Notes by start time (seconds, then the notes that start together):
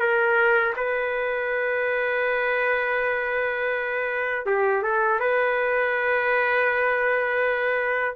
0.00 A#4
0.77 B4
4.46 G4
4.83 A4
5.20 B4